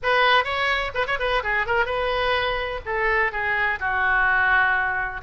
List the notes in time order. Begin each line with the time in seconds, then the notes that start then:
0.02 B4
0.44 C#5
0.94 B4
1.06 C#5
1.19 B4
1.43 G#4
1.66 A#4
1.85 B4
2.85 A4
3.32 G#4
3.79 F#4